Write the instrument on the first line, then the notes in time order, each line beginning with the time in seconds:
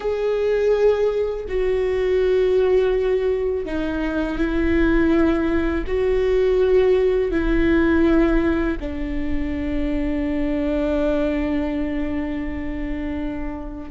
viola
0.00 G#4
1.48 F#4
3.65 D#4
4.38 E4
5.87 F#4
7.31 E4
8.80 D4